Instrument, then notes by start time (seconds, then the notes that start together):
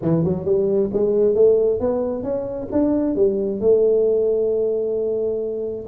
tuba
0.02 E3
0.24 F#3
0.45 G3
0.93 G#3
1.34 A3
1.80 B3
2.23 C#4
2.72 D4
3.15 G3
3.60 A3